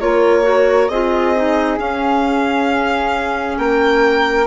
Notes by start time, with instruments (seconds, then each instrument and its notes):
0.00 bassoon A#3, clarinet F4, flute A#4, violin C#5
0.43 clarinet F#4
0.89 bassoon C4, clarinet F4, flute G#4, violin D#5
1.36 clarinet D#4
1.78 clarinet C#4, bassoon C#4, violin F5
3.57 bassoon A#3, flute A#4, violin G5